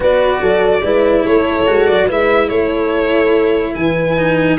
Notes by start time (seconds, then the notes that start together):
0.00 B3 F#4 B4 D5
0.41 F#3 A4
0.81 G#3 E4 B4
1.24 A3 A4 C#5
1.66 G#3 F#4
1.86 F#3 D5
2.06 G#3 E4 B4 E5
2.48 A3 A4 C#5
3.74 E3 B4 G#5
4.17 D#4